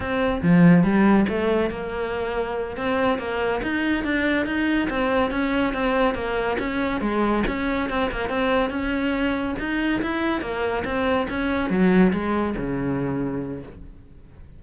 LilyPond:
\new Staff \with { instrumentName = "cello" } { \time 4/4 \tempo 4 = 141 c'4 f4 g4 a4 | ais2~ ais8 c'4 ais8~ | ais8 dis'4 d'4 dis'4 c'8~ | c'8 cis'4 c'4 ais4 cis'8~ |
cis'8 gis4 cis'4 c'8 ais8 c'8~ | c'8 cis'2 dis'4 e'8~ | e'8 ais4 c'4 cis'4 fis8~ | fis8 gis4 cis2~ cis8 | }